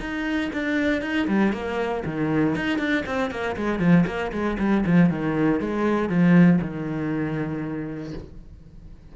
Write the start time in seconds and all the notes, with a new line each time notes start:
0.00 D#4
0.53 D4
1.02 D#4
1.28 G3
1.53 A#3
2.05 D#3
2.56 D#4
2.79 D4
3.06 C4
3.31 A#3
3.57 G#3
3.79 F3
4.06 A#3
4.32 G#3
4.59 G3
4.86 F3
5.10 D#3
5.60 G#3
6.09 F3
6.61 D#3